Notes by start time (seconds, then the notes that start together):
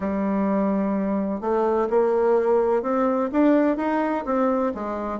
0.00 G3
1.40 A3
1.90 A#3
2.82 C4
3.32 D4
3.77 D#4
4.25 C4
4.74 G#3